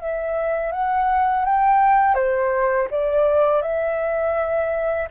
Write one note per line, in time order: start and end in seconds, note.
0.00 0.72 E5
0.72 1.45 F#5
1.45 2.15 G5
2.15 2.88 C5
2.91 3.62 D5
3.62 5.08 E5